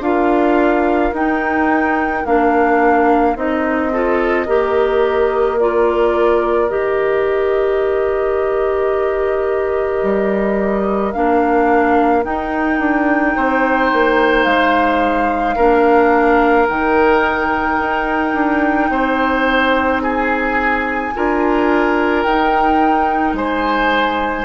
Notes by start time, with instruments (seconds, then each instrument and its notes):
0.00 bassoon D4, clarinet F4, oboe A#4, flute F5
1.13 bassoon D#4, clarinet D#4, flute G5
2.25 bassoon A#3, clarinet D4, flute F5
3.35 bassoon C4, clarinet D#4, flute D#5
3.92 clarinet F4, oboe A4
4.46 bassoon A#3, clarinet G4, oboe A#4
5.59 clarinet F4, flute D5
6.69 bassoon D#3, clarinet G4, flute D#5
10.03 bassoon G3
11.12 bassoon A#3, clarinet D4, flute F5
12.23 clarinet D#4, bassoon D#4, flute G5
12.79 bassoon D4
13.36 bassoon C4, oboe C5
13.93 bassoon A#3
14.44 bassoon G#3, flute F5
15.56 bassoon A#3, clarinet D4, oboe A#4
16.68 bassoon D#3, clarinet D#4, flute G5
17.79 bassoon D#4
18.34 bassoon D4
18.89 bassoon C4, oboe C5
20.03 oboe G#4, flute G#5
21.15 bassoon D4, clarinet F4, oboe A#4
22.23 bassoon D#4, clarinet D#4, flute G5
23.33 bassoon G#3, oboe C5, flute G#5